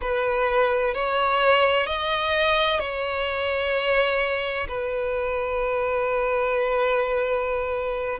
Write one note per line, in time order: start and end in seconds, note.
0.01 0.94 B4
0.94 1.86 C#5
1.86 2.79 D#5
2.79 4.67 C#5
4.67 8.19 B4